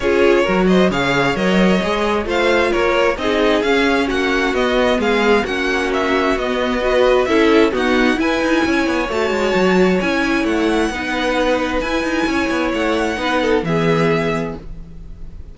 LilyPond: <<
  \new Staff \with { instrumentName = "violin" } { \time 4/4 \tempo 4 = 132 cis''4. dis''8 f''4 dis''4~ | dis''4 f''4 cis''4 dis''4 | f''4 fis''4 dis''4 f''4 | fis''4 e''4 dis''2 |
e''4 fis''4 gis''2 | a''2 gis''4 fis''4~ | fis''2 gis''2 | fis''2 e''2 | }
  \new Staff \with { instrumentName = "violin" } { \time 4/4 gis'4 ais'8 c''8 cis''2~ | cis''4 c''4 ais'4 gis'4~ | gis'4 fis'2 gis'4 | fis'2. b'4 |
a'4 fis'4 b'4 cis''4~ | cis''1 | b'2. cis''4~ | cis''4 b'8 a'8 gis'2 | }
  \new Staff \with { instrumentName = "viola" } { \time 4/4 f'4 fis'4 gis'4 ais'4 | gis'4 f'2 dis'4 | cis'2 b2 | cis'2 b4 fis'4 |
e'4 b4 e'2 | fis'2 e'2 | dis'2 e'2~ | e'4 dis'4 b2 | }
  \new Staff \with { instrumentName = "cello" } { \time 4/4 cis'4 fis4 cis4 fis4 | gis4 a4 ais4 c'4 | cis'4 ais4 b4 gis4 | ais2 b2 |
cis'4 dis'4 e'8 dis'8 cis'8 b8 | a8 gis8 fis4 cis'4 a4 | b2 e'8 dis'8 cis'8 b8 | a4 b4 e2 | }
>>